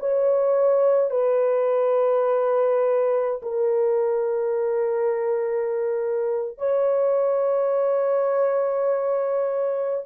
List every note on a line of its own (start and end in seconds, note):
0.00 1.11 C#5
1.11 3.41 B4
3.43 6.58 A#4
6.58 10.04 C#5